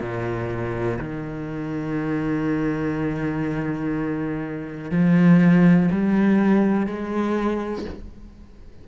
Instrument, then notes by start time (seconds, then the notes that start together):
cello
0.00 A#2
0.99 D#3
4.91 F3
5.91 G3
6.86 G#3